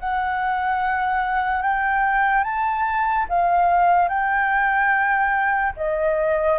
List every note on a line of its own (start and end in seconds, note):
0.00 1.62 F#5
1.62 2.44 G5
2.44 3.26 A5
3.29 4.09 F5
4.09 5.73 G5
5.77 6.59 D#5